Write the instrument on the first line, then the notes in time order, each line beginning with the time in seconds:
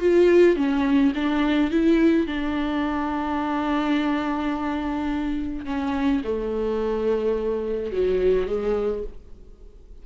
viola
0.00 F4
0.56 C#4
1.15 D4
1.71 E4
2.27 D4
5.66 C#4
6.24 A3
7.92 F#3
8.47 G#3